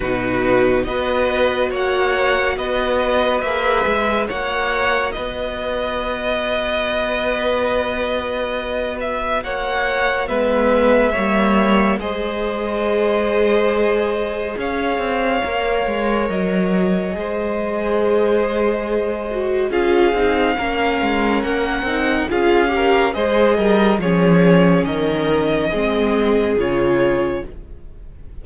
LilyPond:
<<
  \new Staff \with { instrumentName = "violin" } { \time 4/4 \tempo 4 = 70 b'4 dis''4 fis''4 dis''4 | e''4 fis''4 dis''2~ | dis''2~ dis''8 e''8 fis''4 | e''2 dis''2~ |
dis''4 f''2 dis''4~ | dis''2. f''4~ | f''4 fis''4 f''4 dis''4 | cis''4 dis''2 cis''4 | }
  \new Staff \with { instrumentName = "violin" } { \time 4/4 fis'4 b'4 cis''4 b'4~ | b'4 cis''4 b'2~ | b'2. cis''4 | b'4 cis''4 c''2~ |
c''4 cis''2. | c''2. gis'4 | ais'2 gis'8 ais'8 c''8 ais'8 | gis'4 ais'4 gis'2 | }
  \new Staff \with { instrumentName = "viola" } { \time 4/4 dis'4 fis'2. | gis'4 fis'2.~ | fis'1 | b4 ais4 gis'2~ |
gis'2 ais'2 | gis'2~ gis'8 fis'8 f'8 dis'8 | cis'4. dis'8 f'8 g'8 gis'4 | cis'2 c'4 f'4 | }
  \new Staff \with { instrumentName = "cello" } { \time 4/4 b,4 b4 ais4 b4 | ais8 gis8 ais4 b2~ | b2. ais4 | gis4 g4 gis2~ |
gis4 cis'8 c'8 ais8 gis8 fis4 | gis2. cis'8 c'8 | ais8 gis8 ais8 c'8 cis'4 gis8 g8 | f4 dis4 gis4 cis4 | }
>>